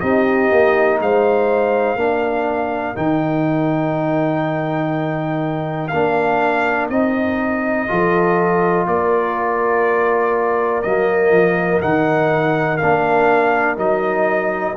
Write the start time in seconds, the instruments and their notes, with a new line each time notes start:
0.00 tuba C4, trombone D#4, horn G4, trumpet D#5
0.52 tuba A#3
1.01 tuba G#3, horn C5, trumpet F5
1.96 tuba A#3, trombone D4, horn A#4
2.95 tuba D#3, trombone D#4, trumpet G5
5.88 tuba A#3, trombone D4, trumpet F5
6.90 tuba C4, trombone D#4, trumpet D#5
7.88 tuba F3, trombone F4, horn A4
8.87 tuba A#3, horn A#4, trumpet D5
10.82 tuba F#3, trombone A#3, trumpet D#5
11.31 tuba F3
11.81 tuba D#3, trombone D#4, trumpet F#5
12.77 tuba A#3, trombone D4, trumpet F5
13.77 tuba F#3, trombone D#4, trumpet D#5